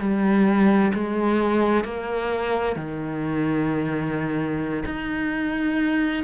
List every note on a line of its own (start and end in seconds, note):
0.00 0.92 G3
0.94 1.84 G#3
1.84 2.76 A#3
2.76 4.84 D#3
4.85 6.24 D#4